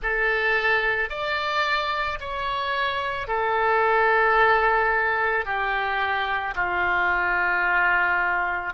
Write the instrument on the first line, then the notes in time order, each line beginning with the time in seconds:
oboe
0.02 A4
1.09 D5
2.20 C#5
3.27 A4
5.45 G4
6.55 F4